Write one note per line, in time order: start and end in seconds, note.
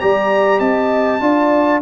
0.00 0.60 G3
0.00 1.21 G4
0.00 0.61 D5
0.00 0.60 A#5
0.60 1.21 C4
0.60 1.21 D#5
0.60 1.81 A5
1.21 1.81 D4
1.21 1.82 F4
1.21 1.82 D5